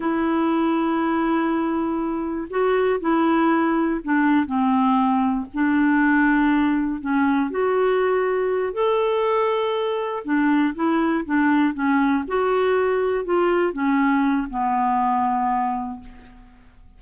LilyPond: \new Staff \with { instrumentName = "clarinet" } { \time 4/4 \tempo 4 = 120 e'1~ | e'4 fis'4 e'2 | d'4 c'2 d'4~ | d'2 cis'4 fis'4~ |
fis'4. a'2~ a'8~ | a'8 d'4 e'4 d'4 cis'8~ | cis'8 fis'2 f'4 cis'8~ | cis'4 b2. | }